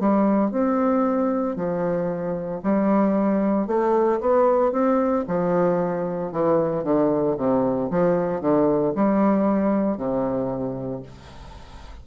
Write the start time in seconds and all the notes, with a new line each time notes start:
0.00 G3
0.52 C4
1.56 F3
2.64 G3
3.68 A3
4.21 B3
4.73 C4
5.28 F3
6.33 E3
6.84 D3
7.38 C3
7.91 F3
8.41 D3
8.96 G3
9.98 C3